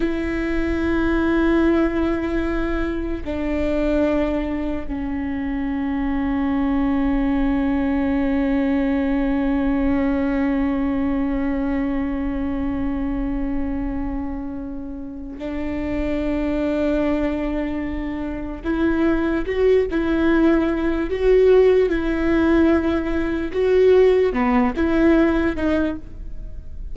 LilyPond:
\new Staff \with { instrumentName = "viola" } { \time 4/4 \tempo 4 = 74 e'1 | d'2 cis'2~ | cis'1~ | cis'1~ |
cis'2. d'4~ | d'2. e'4 | fis'8 e'4. fis'4 e'4~ | e'4 fis'4 b8 e'4 dis'8 | }